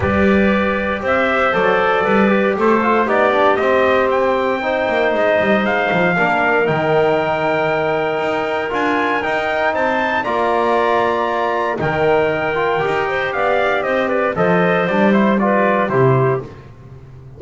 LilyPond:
<<
  \new Staff \with { instrumentName = "trumpet" } { \time 4/4 \tempo 4 = 117 d''2 e''4 d''4~ | d''4 c''4 d''4 dis''4 | g''2 dis''4 f''4~ | f''4 g''2.~ |
g''4 gis''4 g''4 a''4 | ais''2. g''4~ | g''2 f''4 dis''8 d''8 | dis''4 d''8 c''8 d''4 c''4 | }
  \new Staff \with { instrumentName = "clarinet" } { \time 4/4 b'2 c''2 | b'4 a'4 g'2~ | g'4 c''2. | ais'1~ |
ais'2. c''4 | d''2. ais'4~ | ais'4. c''8 d''4 c''8 b'8 | c''2 b'4 g'4 | }
  \new Staff \with { instrumentName = "trombone" } { \time 4/4 g'2. a'4~ | a'8 g'4 f'8 dis'8 d'8 c'4~ | c'4 dis'2. | d'4 dis'2.~ |
dis'4 f'4 dis'2 | f'2. dis'4~ | dis'8 f'8 g'2. | a'4 d'8 e'8 f'4 e'4 | }
  \new Staff \with { instrumentName = "double bass" } { \time 4/4 g2 c'4 fis4 | g4 a4 b4 c'4~ | c'4. ais8 gis8 g8 gis8 f8 | ais4 dis2. |
dis'4 d'4 dis'4 c'4 | ais2. dis4~ | dis4 dis'4 b4 c'4 | f4 g2 c4 | }
>>